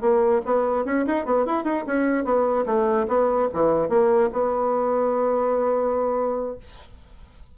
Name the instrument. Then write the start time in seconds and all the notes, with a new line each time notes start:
bassoon
0.00 A#3
0.45 B3
0.85 C#4
1.06 D#4
1.25 B3
1.45 E4
1.64 D#4
1.86 C#4
2.24 B3
2.65 A3
3.07 B3
3.53 E3
3.88 A#3
4.32 B3